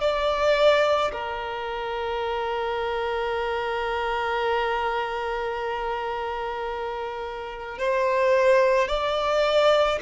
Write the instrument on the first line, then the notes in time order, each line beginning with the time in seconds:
violin
0.00 D5
1.12 A#4
7.78 C5
8.88 D5